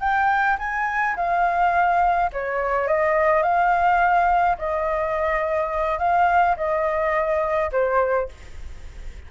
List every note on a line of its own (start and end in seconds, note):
0.00 0.57 G5
0.59 1.16 G#5
1.17 2.31 F5
2.33 2.88 C#5
2.88 3.43 D#5
3.43 4.57 F5
4.58 5.99 D#5
5.99 6.56 F5
6.57 7.71 D#5
7.72 8.29 C5